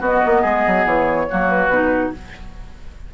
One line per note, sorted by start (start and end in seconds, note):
0.00 0.21 B3
0.00 1.29 B3
0.00 0.42 F#4
0.00 0.86 D#5
0.26 0.44 A#3
0.42 0.65 G#3
0.42 1.26 G#4
0.67 0.85 F#3
0.85 1.27 E3
0.85 1.49 C#5
1.29 1.68 F#3
1.29 1.71 A#3
1.29 2.14 F#4
1.49 2.12 B4
1.68 2.10 B2
1.68 2.14 D#4